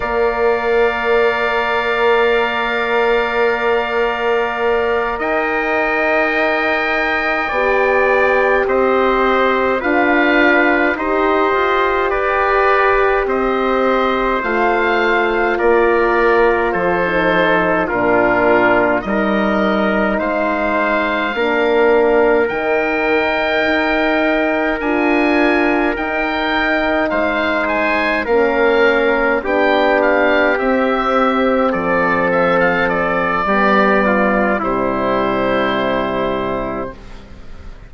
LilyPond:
<<
  \new Staff \with { instrumentName = "oboe" } { \time 4/4 \tempo 4 = 52 f''1~ | f''8 g''2. dis''8~ | dis''8 f''4 dis''4 d''4 dis''8~ | dis''8 f''4 d''4 c''4 ais'8~ |
ais'8 dis''4 f''2 g''8~ | g''4. gis''4 g''4 f''8 | gis''8 f''4 g''8 f''8 e''4 d''8 | e''16 f''16 d''4. c''2 | }
  \new Staff \with { instrumentName = "trumpet" } { \time 4/4 d''1~ | d''8 dis''2 d''4 c''8~ | c''8 b'4 c''4 b'4 c''8~ | c''4. ais'4 a'4 f'8~ |
f'8 ais'4 c''4 ais'4.~ | ais'2.~ ais'8 c''8~ | c''8 ais'4 g'2 a'8~ | a'4 g'8 f'8 e'2 | }
  \new Staff \with { instrumentName = "horn" } { \time 4/4 ais'1~ | ais'2~ ais'8 g'4.~ | g'8 f'4 g'2~ g'8~ | g'8 f'2~ f'16 dis'8. d'8~ |
d'8 dis'2 d'4 dis'8~ | dis'4. f'4 dis'4.~ | dis'8 cis'4 d'4 c'4.~ | c'4 b4 g2 | }
  \new Staff \with { instrumentName = "bassoon" } { \time 4/4 ais1~ | ais8 dis'2 b4 c'8~ | c'8 d'4 dis'8 f'8 g'4 c'8~ | c'8 a4 ais4 f4 ais,8~ |
ais,8 g4 gis4 ais4 dis8~ | dis8 dis'4 d'4 dis'4 gis8~ | gis8 ais4 b4 c'4 f8~ | f4 g4 c2 | }
>>